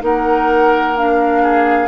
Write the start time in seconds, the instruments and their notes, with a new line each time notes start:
0.00 bassoon A#3, clarinet D#4, oboe A#4, flute F#5
0.97 clarinet D4, flute F5
1.42 oboe G#4